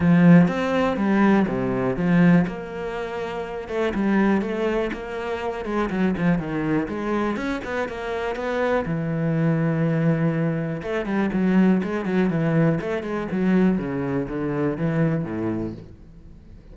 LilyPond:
\new Staff \with { instrumentName = "cello" } { \time 4/4 \tempo 4 = 122 f4 c'4 g4 c4 | f4 ais2~ ais8 a8 | g4 a4 ais4. gis8 | fis8 f8 dis4 gis4 cis'8 b8 |
ais4 b4 e2~ | e2 a8 g8 fis4 | gis8 fis8 e4 a8 gis8 fis4 | cis4 d4 e4 a,4 | }